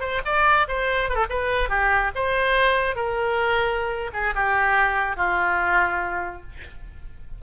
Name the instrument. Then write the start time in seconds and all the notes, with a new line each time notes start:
oboe
0.00 C5
0.25 D5
0.68 C5
1.10 A4 B4
1.29 B4
1.69 G4
2.15 C5
2.96 A#4
4.13 G#4
4.35 G4
5.17 F4